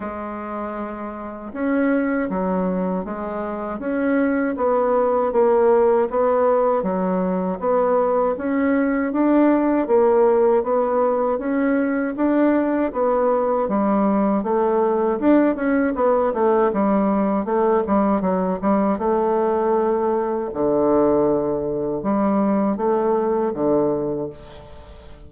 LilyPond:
\new Staff \with { instrumentName = "bassoon" } { \time 4/4 \tempo 4 = 79 gis2 cis'4 fis4 | gis4 cis'4 b4 ais4 | b4 fis4 b4 cis'4 | d'4 ais4 b4 cis'4 |
d'4 b4 g4 a4 | d'8 cis'8 b8 a8 g4 a8 g8 | fis8 g8 a2 d4~ | d4 g4 a4 d4 | }